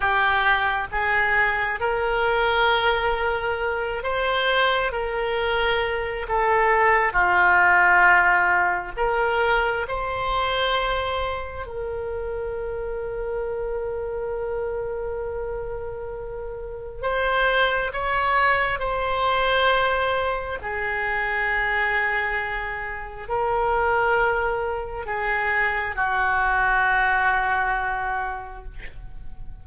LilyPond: \new Staff \with { instrumentName = "oboe" } { \time 4/4 \tempo 4 = 67 g'4 gis'4 ais'2~ | ais'8 c''4 ais'4. a'4 | f'2 ais'4 c''4~ | c''4 ais'2.~ |
ais'2. c''4 | cis''4 c''2 gis'4~ | gis'2 ais'2 | gis'4 fis'2. | }